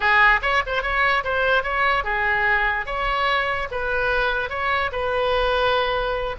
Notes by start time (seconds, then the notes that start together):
0.00 G#4
0.42 C#5
0.66 C5
0.82 C#5
1.24 C5
1.63 C#5
2.04 G#4
2.86 C#5
3.71 B4
4.49 C#5
4.92 B4